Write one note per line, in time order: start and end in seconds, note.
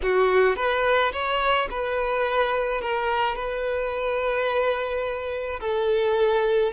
0.02 0.56 F#4
0.56 1.12 B4
1.12 1.68 C#5
1.70 2.81 B4
2.81 3.35 A#4
3.35 5.59 B4
5.60 6.72 A4